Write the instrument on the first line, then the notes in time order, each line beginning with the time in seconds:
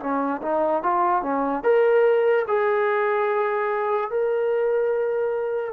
trombone
0.00 C#4
0.42 D#4
0.83 F4
1.23 C#4
1.64 A#4
2.47 G#4
4.11 A#4